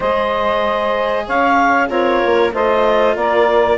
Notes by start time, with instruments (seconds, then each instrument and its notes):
0.00 bassoon G#3, cello G#4, saxophone C5, clarinet D#5
1.26 bassoon C#4, saxophone C#5, clarinet F5
1.87 bassoon C4, saxophone F4, cello A#4, clarinet C#5
2.25 bassoon A#3
2.53 bassoon A3, cello F4, saxophone C5, clarinet D#5
3.15 bassoon A#3, saxophone A#4, clarinet D5